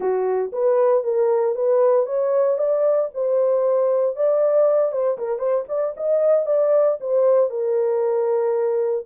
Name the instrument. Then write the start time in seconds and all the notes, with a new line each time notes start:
horn
0.00 F#4
0.52 B4
1.03 A#4
1.55 B4
2.06 C#5
2.57 D5
3.14 C5
4.15 D5
4.91 C5
5.18 A#4
5.38 C5
5.68 D5
5.96 D#5
6.46 D5
7.00 C5
7.50 A#4